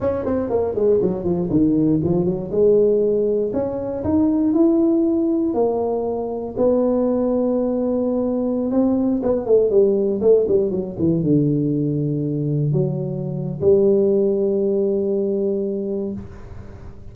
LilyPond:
\new Staff \with { instrumentName = "tuba" } { \time 4/4 \tempo 4 = 119 cis'8 c'8 ais8 gis8 fis8 f8 dis4 | f8 fis8 gis2 cis'4 | dis'4 e'2 ais4~ | ais4 b2.~ |
b4~ b16 c'4 b8 a8 g8.~ | g16 a8 g8 fis8 e8 d4.~ d16~ | d4~ d16 fis4.~ fis16 g4~ | g1 | }